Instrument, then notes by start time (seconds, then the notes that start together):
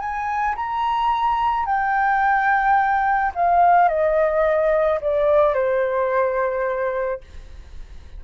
flute
0.00 G#5
0.56 A#5
1.66 G5
3.35 F5
3.89 D#5
5.01 D5
5.55 C5